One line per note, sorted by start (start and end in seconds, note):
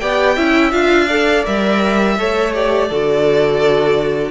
0.00 0.37 B3
0.00 0.37 G4
0.00 0.36 D5
0.00 0.72 G5
0.36 0.73 C#4
0.36 0.72 E4
0.36 1.07 E5
0.72 1.45 D4
0.72 1.08 F4
0.72 1.45 F5
1.07 1.46 A4
1.07 2.16 D5
1.46 2.19 G3
1.46 2.18 A#4
1.46 2.55 E5
2.19 2.91 A3
2.19 2.54 A4
2.19 2.89 C#5
2.54 2.90 G4
2.54 4.31 D5
2.89 4.31 D3
2.89 4.31 F#4
2.89 4.31 A4